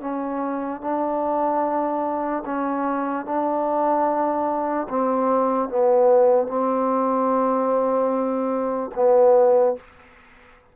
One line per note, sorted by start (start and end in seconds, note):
0.00 0.81 C#4
0.81 2.43 D4
2.45 3.25 C#4
3.25 4.87 D4
4.89 5.69 C4
5.69 6.47 B3
6.47 8.90 C4
8.95 9.76 B3